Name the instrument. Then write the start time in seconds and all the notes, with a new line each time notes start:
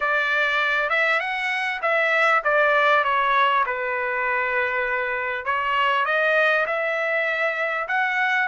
trumpet
0.00 D5
0.89 E5
1.20 F#5
1.82 E5
2.44 D5
3.03 C#5
3.65 B4
5.45 C#5
6.05 D#5
6.66 E5
7.88 F#5